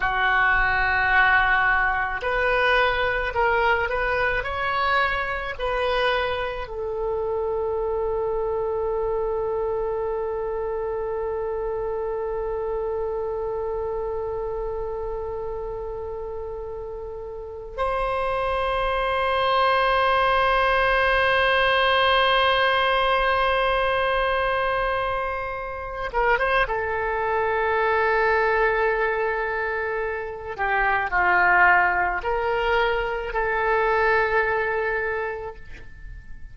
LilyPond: \new Staff \with { instrumentName = "oboe" } { \time 4/4 \tempo 4 = 54 fis'2 b'4 ais'8 b'8 | cis''4 b'4 a'2~ | a'1~ | a'1 |
c''1~ | c''2.~ c''8 ais'16 c''16 | a'2.~ a'8 g'8 | f'4 ais'4 a'2 | }